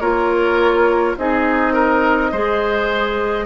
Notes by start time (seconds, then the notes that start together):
0.00 A#3 F4 A#4 C#5
1.17 C4 D#4 G#4 D#5
1.73 A#4
2.32 G#3 G#4 C5